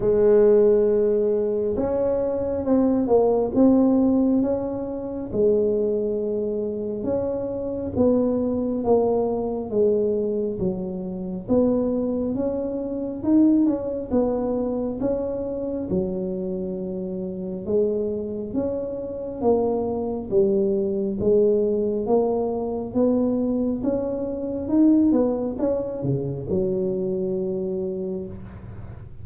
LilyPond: \new Staff \with { instrumentName = "tuba" } { \time 4/4 \tempo 4 = 68 gis2 cis'4 c'8 ais8 | c'4 cis'4 gis2 | cis'4 b4 ais4 gis4 | fis4 b4 cis'4 dis'8 cis'8 |
b4 cis'4 fis2 | gis4 cis'4 ais4 g4 | gis4 ais4 b4 cis'4 | dis'8 b8 cis'8 cis8 fis2 | }